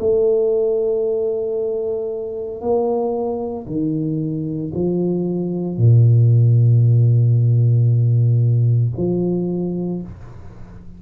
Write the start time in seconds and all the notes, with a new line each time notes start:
0.00 A3
2.61 A#3
3.67 D#3
4.74 F3
5.78 A#2
8.97 F3